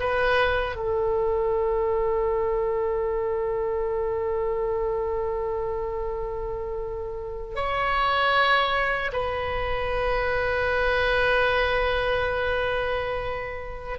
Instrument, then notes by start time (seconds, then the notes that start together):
oboe
0.00 B4
0.76 A4
7.56 C#5
9.13 B4